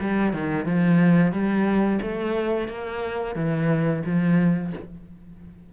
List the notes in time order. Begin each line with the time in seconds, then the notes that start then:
0.00 G3
0.33 D#3
0.65 F3
1.32 G3
2.01 A3
2.68 A#3
3.35 E3
4.05 F3